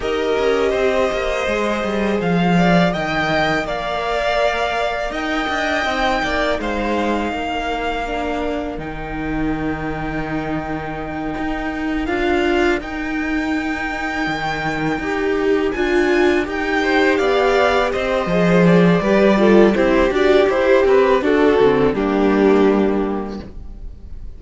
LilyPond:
<<
  \new Staff \with { instrumentName = "violin" } { \time 4/4 \tempo 4 = 82 dis''2. f''4 | g''4 f''2 g''4~ | g''4 f''2. | g''1~ |
g''8 f''4 g''2~ g''8~ | g''4. gis''4 g''4 f''8~ | f''8 dis''4 d''4. c''8 d''8 | c''8 b'8 a'4 g'2 | }
  \new Staff \with { instrumentName = "violin" } { \time 4/4 ais'4 c''2~ c''8 d''8 | dis''4 d''2 dis''4~ | dis''8 d''8 c''4 ais'2~ | ais'1~ |
ais'1~ | ais'2. c''8 d''8~ | d''8 c''4. b'8 a'8 g'4~ | g'4 fis'4 d'2 | }
  \new Staff \with { instrumentName = "viola" } { \time 4/4 g'2 gis'2 | ais'1 | dis'2. d'4 | dis'1~ |
dis'8 f'4 dis'2~ dis'8~ | dis'8 g'4 f'4 g'4.~ | g'4 gis'4 g'8 f'8 e'8 fis'8 | g'4 d'8 c'8 ais2 | }
  \new Staff \with { instrumentName = "cello" } { \time 4/4 dis'8 cis'8 c'8 ais8 gis8 g8 f4 | dis4 ais2 dis'8 d'8 | c'8 ais8 gis4 ais2 | dis2.~ dis8 dis'8~ |
dis'8 d'4 dis'2 dis8~ | dis8 dis'4 d'4 dis'4 b8~ | b8 c'8 f4 g4 c'8 d'8 | e'8 c'8 d'8 d8 g2 | }
>>